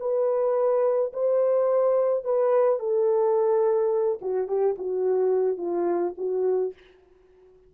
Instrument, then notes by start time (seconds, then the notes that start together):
horn
0.00 B4
1.13 C5
2.24 B4
2.79 A4
4.21 F#4
4.48 G4
4.78 F#4
5.58 F4
6.18 F#4